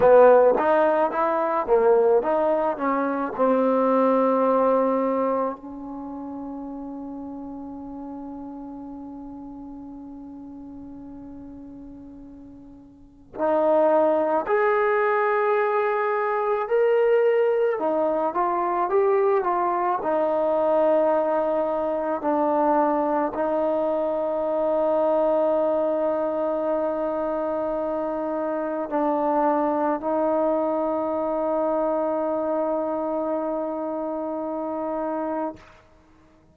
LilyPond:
\new Staff \with { instrumentName = "trombone" } { \time 4/4 \tempo 4 = 54 b8 dis'8 e'8 ais8 dis'8 cis'8 c'4~ | c'4 cis'2.~ | cis'1 | dis'4 gis'2 ais'4 |
dis'8 f'8 g'8 f'8 dis'2 | d'4 dis'2.~ | dis'2 d'4 dis'4~ | dis'1 | }